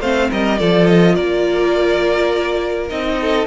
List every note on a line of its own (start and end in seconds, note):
0.00 0.30 A3
0.00 0.58 C4
0.00 0.29 C5
0.00 0.30 F5
0.30 0.60 G3
0.30 0.59 A#4
0.30 0.59 D#5
0.58 1.17 F3
0.58 2.89 F4
0.58 1.14 A4
0.58 0.86 D5
0.86 1.15 D#5
1.14 2.91 A#3
1.14 3.16 A#4
1.14 2.88 D5
2.89 3.47 C4
2.89 3.47 D#4
2.89 3.47 D#5
3.20 3.47 A4